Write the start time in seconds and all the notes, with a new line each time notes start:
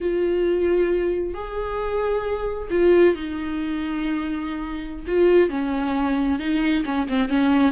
0.01 F4
1.34 G#4
2.70 F4
3.15 D#4
5.07 F4
5.49 C#4
6.39 D#4
6.85 C#4
7.08 C4
7.28 C#4